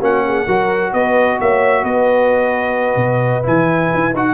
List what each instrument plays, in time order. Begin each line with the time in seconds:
0.00 tuba A#3, trombone C#4, horn F#4, trumpet F#5
0.27 horn G#4
0.46 tuba F#3, trombone F#4, horn A#4
0.93 tuba B3, horn B4, trumpet D#5
1.40 tuba A#3, horn C#5, trumpet E5
1.83 tuba B3, horn B4, trumpet D#5
2.95 tuba B2
3.43 tuba E3, trombone E4, trumpet G#5
3.94 tuba E4
4.13 tuba D#4, trombone F#4, trumpet F#5